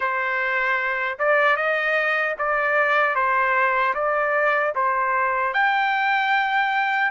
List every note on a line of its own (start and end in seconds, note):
0.00 1.18 C5
1.18 1.56 D5
1.56 2.35 D#5
2.38 3.15 D5
3.15 3.94 C5
3.94 4.73 D5
4.75 5.53 C5
5.53 7.11 G5